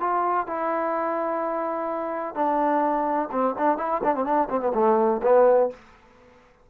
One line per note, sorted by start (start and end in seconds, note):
0.00 0.47 F4
0.47 2.35 E4
2.35 3.29 D4
3.32 3.55 C4
3.58 3.78 D4
3.78 4.01 E4
4.04 4.15 D4
4.15 4.25 C4
4.25 4.48 D4
4.50 4.60 C4
4.60 4.72 B3
4.74 5.21 A3
5.23 5.70 B3